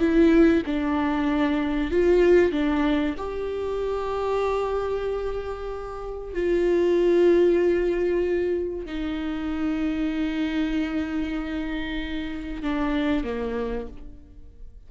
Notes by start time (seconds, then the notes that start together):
0.00 E4
0.67 D4
1.91 F4
2.52 D4
3.18 G4
6.34 F4
8.86 D#4
12.63 D4
13.24 A#3